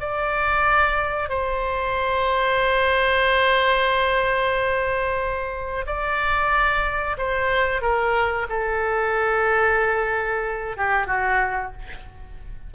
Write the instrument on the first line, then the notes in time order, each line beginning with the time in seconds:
oboe
0.00 D5
1.29 C5
5.86 D5
7.17 C5
7.82 A#4
8.49 A4
10.77 G4
11.07 F#4